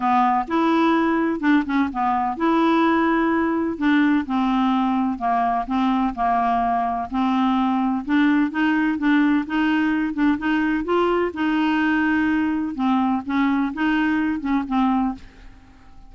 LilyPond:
\new Staff \with { instrumentName = "clarinet" } { \time 4/4 \tempo 4 = 127 b4 e'2 d'8 cis'8 | b4 e'2. | d'4 c'2 ais4 | c'4 ais2 c'4~ |
c'4 d'4 dis'4 d'4 | dis'4. d'8 dis'4 f'4 | dis'2. c'4 | cis'4 dis'4. cis'8 c'4 | }